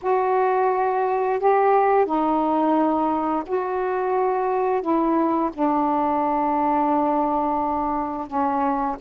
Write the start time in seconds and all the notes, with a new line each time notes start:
0.02 F#4
1.39 G4
2.05 D#4
3.46 F#4
4.81 E4
5.53 D4
8.27 C#4